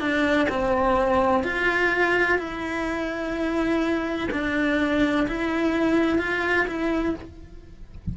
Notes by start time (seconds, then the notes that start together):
0.00 D4
0.49 C4
1.44 F4
2.38 E4
4.32 D4
5.28 E4
6.19 F4
6.67 E4